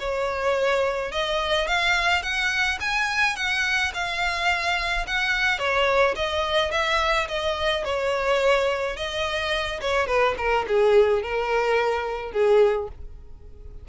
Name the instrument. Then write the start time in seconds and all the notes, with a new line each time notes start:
violin
0.00 C#5
1.12 D#5
1.67 F5
2.23 F#5
2.81 G#5
3.36 F#5
3.94 F5
5.07 F#5
5.59 C#5
6.16 D#5
6.72 E5
7.28 D#5
7.85 C#5
8.96 D#5
9.81 C#5
10.07 B4
10.38 A#4
10.67 G#4
11.22 A#4
12.32 G#4